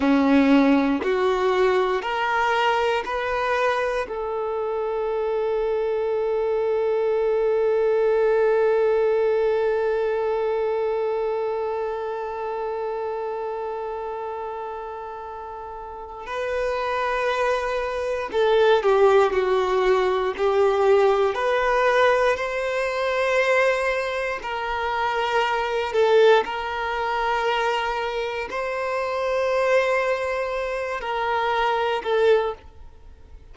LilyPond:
\new Staff \with { instrumentName = "violin" } { \time 4/4 \tempo 4 = 59 cis'4 fis'4 ais'4 b'4 | a'1~ | a'1~ | a'1 |
b'2 a'8 g'8 fis'4 | g'4 b'4 c''2 | ais'4. a'8 ais'2 | c''2~ c''8 ais'4 a'8 | }